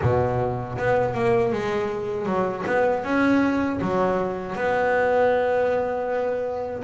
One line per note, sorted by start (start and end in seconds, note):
0.01 0.77 B2
0.78 1.14 B3
1.14 1.52 A#3
1.52 2.25 G#3
2.25 2.63 F#3
2.66 3.04 B3
3.04 3.80 C#4
3.81 4.55 F#3
4.55 6.83 B3